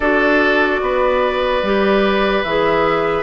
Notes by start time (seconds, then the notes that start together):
0.00 D4 F#4 A4 D5
0.81 B3 B4
1.62 G3 G4
2.43 E3 G#4 E5